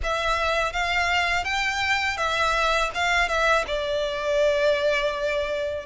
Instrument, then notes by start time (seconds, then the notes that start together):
violin
0.03 E5
0.73 F5
1.44 G5
2.17 E5
2.94 F5
3.28 E5
3.67 D5